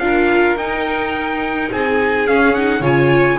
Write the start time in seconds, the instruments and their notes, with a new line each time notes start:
0.00 double bass D4, viola F4, violin A#4, trumpet F5
0.57 double bass D#4, viola D#4, trumpet G5
1.72 double bass C4, violin G#4, trumpet G#5
2.27 viola C#4, double bass C#4, trumpet F5
2.55 viola D#4, trumpet F#5
2.81 double bass C#3, viola F4, violin C#5, trumpet G#5